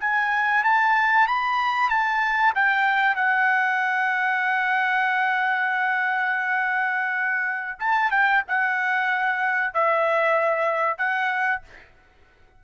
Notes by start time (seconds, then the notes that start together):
0.00 G#5
0.64 A5
1.28 B5
1.89 A5
2.55 G5
3.16 F#5
7.80 A5
8.11 G5
8.48 F#5
9.74 E5
10.98 F#5